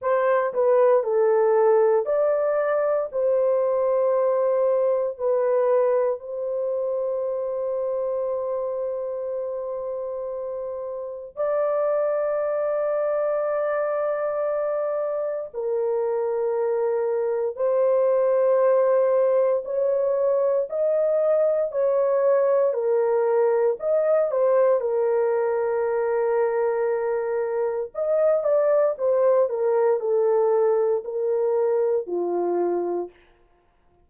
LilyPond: \new Staff \with { instrumentName = "horn" } { \time 4/4 \tempo 4 = 58 c''8 b'8 a'4 d''4 c''4~ | c''4 b'4 c''2~ | c''2. d''4~ | d''2. ais'4~ |
ais'4 c''2 cis''4 | dis''4 cis''4 ais'4 dis''8 c''8 | ais'2. dis''8 d''8 | c''8 ais'8 a'4 ais'4 f'4 | }